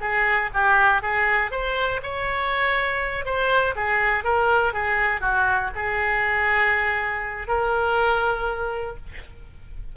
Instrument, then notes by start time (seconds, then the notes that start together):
oboe
0.00 G#4
0.53 G4
1.02 G#4
1.51 C5
2.03 C#5
3.25 C5
3.76 G#4
4.24 A#4
4.73 G#4
5.21 F#4
5.75 G#4
7.48 A#4